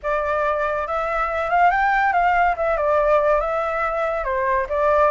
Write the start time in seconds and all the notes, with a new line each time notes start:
0.02 D5
0.87 E5
1.50 F5
1.70 G5
2.13 F5
2.56 E5
2.76 D5
3.40 E5
4.24 C5
4.69 D5